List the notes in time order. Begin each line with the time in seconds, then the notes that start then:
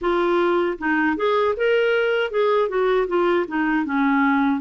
0.01 F4
0.78 D#4
1.16 G#4
1.56 A#4
2.30 G#4
2.69 F#4
3.07 F4
3.47 D#4
3.85 C#4